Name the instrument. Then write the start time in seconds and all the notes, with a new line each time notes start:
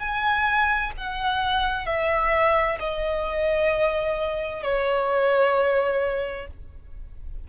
violin
0.00 G#5
0.97 F#5
1.87 E5
2.80 D#5
4.63 C#5